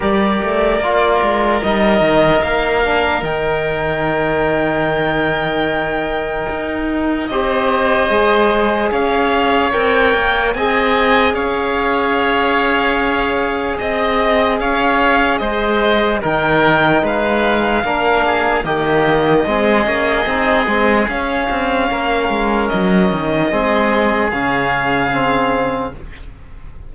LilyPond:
<<
  \new Staff \with { instrumentName = "violin" } { \time 4/4 \tempo 4 = 74 d''2 dis''4 f''4 | g''1~ | g''4 dis''2 f''4 | g''4 gis''4 f''2~ |
f''4 dis''4 f''4 dis''4 | g''4 f''2 dis''4~ | dis''2 f''2 | dis''2 f''2 | }
  \new Staff \with { instrumentName = "oboe" } { \time 4/4 ais'1~ | ais'1~ | ais'4 c''2 cis''4~ | cis''4 dis''4 cis''2~ |
cis''4 dis''4 cis''4 c''4 | ais'4 b'4 ais'8 gis'8 g'4 | gis'2. ais'4~ | ais'4 gis'2. | }
  \new Staff \with { instrumentName = "trombone" } { \time 4/4 g'4 f'4 dis'4. d'8 | dis'1~ | dis'4 g'4 gis'2 | ais'4 gis'2.~ |
gis'1 | dis'2 d'4 ais4 | c'8 cis'8 dis'8 c'8 cis'2~ | cis'4 c'4 cis'4 c'4 | }
  \new Staff \with { instrumentName = "cello" } { \time 4/4 g8 a8 ais8 gis8 g8 dis8 ais4 | dis1 | dis'4 c'4 gis4 cis'4 | c'8 ais8 c'4 cis'2~ |
cis'4 c'4 cis'4 gis4 | dis4 gis4 ais4 dis4 | gis8 ais8 c'8 gis8 cis'8 c'8 ais8 gis8 | fis8 dis8 gis4 cis2 | }
>>